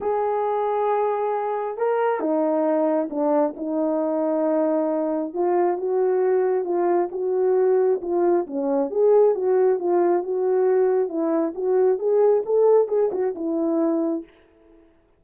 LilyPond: \new Staff \with { instrumentName = "horn" } { \time 4/4 \tempo 4 = 135 gis'1 | ais'4 dis'2 d'4 | dis'1 | f'4 fis'2 f'4 |
fis'2 f'4 cis'4 | gis'4 fis'4 f'4 fis'4~ | fis'4 e'4 fis'4 gis'4 | a'4 gis'8 fis'8 e'2 | }